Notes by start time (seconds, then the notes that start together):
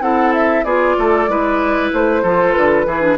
0.00 C4 E4 A4 F#5
0.33 E5
0.63 B3 F4 G#4 D5
0.98 A3 A4
1.27 G#3 E4 B4
1.92 A3 C5
2.22 F3 F4 A4
2.51 D3 B4
2.85 E3 E4 G#4
3.01 D4